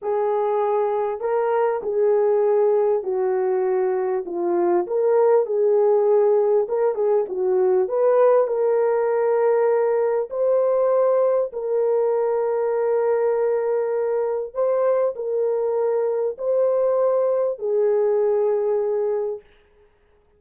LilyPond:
\new Staff \with { instrumentName = "horn" } { \time 4/4 \tempo 4 = 99 gis'2 ais'4 gis'4~ | gis'4 fis'2 f'4 | ais'4 gis'2 ais'8 gis'8 | fis'4 b'4 ais'2~ |
ais'4 c''2 ais'4~ | ais'1 | c''4 ais'2 c''4~ | c''4 gis'2. | }